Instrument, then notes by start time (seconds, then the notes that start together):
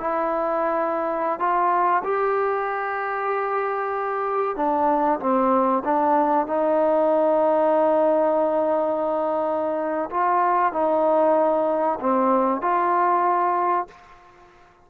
trombone
0.00 E4
1.40 F4
2.04 G4
4.56 D4
5.20 C4
5.85 D4
6.47 D#4
10.11 F4
10.73 D#4
12.01 C4
12.62 F4